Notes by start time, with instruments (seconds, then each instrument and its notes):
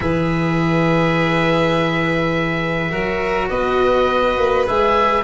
0.00 tuba E3, cello G#4, violin B4, oboe E5
2.90 tuba F#3, cello F#4, violin A#4
3.49 tuba B3, violin B4, oboe D#5
4.37 tuba A#3
4.66 tuba G#3, cello G#4, oboe E5